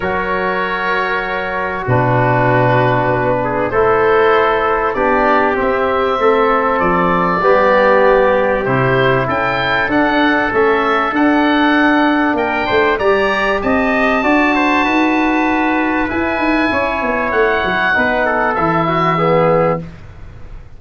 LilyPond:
<<
  \new Staff \with { instrumentName = "oboe" } { \time 4/4 \tempo 4 = 97 cis''2. b'4~ | b'2 c''2 | d''4 e''2 d''4~ | d''2 c''4 g''4 |
fis''4 e''4 fis''2 | g''4 ais''4 a''2~ | a''2 gis''2 | fis''2 e''2 | }
  \new Staff \with { instrumentName = "trumpet" } { \time 4/4 ais'2. fis'4~ | fis'4. gis'8 a'2 | g'2 a'2 | g'2. a'4~ |
a'1 | ais'8 c''8 d''4 dis''4 d''8 c''8 | b'2. cis''4~ | cis''4 b'8 a'4 fis'8 gis'4 | }
  \new Staff \with { instrumentName = "trombone" } { \time 4/4 fis'2. d'4~ | d'2 e'2 | d'4 c'2. | b2 e'2 |
d'4 cis'4 d'2~ | d'4 g'2 fis'4~ | fis'2 e'2~ | e'4 dis'4 e'4 b4 | }
  \new Staff \with { instrumentName = "tuba" } { \time 4/4 fis2. b,4~ | b,4 b4 a2 | b4 c'4 a4 f4 | g2 c4 cis'4 |
d'4 a4 d'2 | ais8 a8 g4 c'4 d'4 | dis'2 e'8 dis'8 cis'8 b8 | a8 fis8 b4 e2 | }
>>